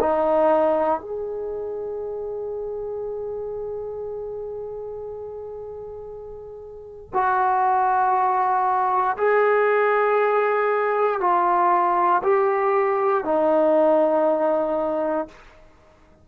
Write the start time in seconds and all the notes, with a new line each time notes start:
0.00 D#4
1.00 G#4
7.13 F#4
9.18 G#4
11.20 F4
12.23 G4
13.25 D#4